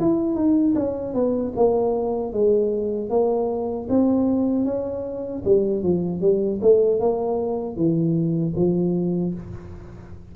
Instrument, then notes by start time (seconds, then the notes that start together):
tuba
0.00 E4
0.35 D#4
0.75 C#4
1.14 B3
1.56 A#3
2.33 G#3
3.10 A#3
3.89 C4
4.65 C#4
5.45 G3
5.83 F3
6.21 G3
6.62 A3
7.00 A#3
7.76 E3
8.56 F3